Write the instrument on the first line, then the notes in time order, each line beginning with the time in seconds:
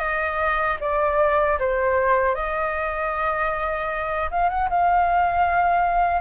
flute
0.00 D#5
0.81 D5
1.60 C5
2.35 D#5
4.31 F5
4.50 F#5
4.70 F5